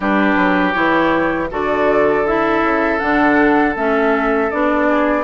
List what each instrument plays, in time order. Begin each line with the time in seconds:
0.00 bassoon G3, clarinet D4, oboe G4, flute B4
0.36 bassoon F#3
0.72 bassoon E3, clarinet E4, flute C#5
1.50 bassoon D3, clarinet F#4, oboe A4, flute D5
2.26 clarinet E4, flute E5
2.62 bassoon C#3
2.99 bassoon D3, clarinet D4, flute F#5
3.75 bassoon A3, clarinet C#4, flute E5
4.50 bassoon B3, clarinet D4, flute D5
4.88 oboe G#4